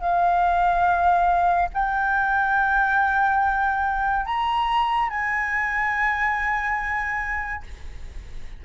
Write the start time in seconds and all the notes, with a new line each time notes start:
0.00 F5
1.73 G5
4.26 A#5
5.09 G#5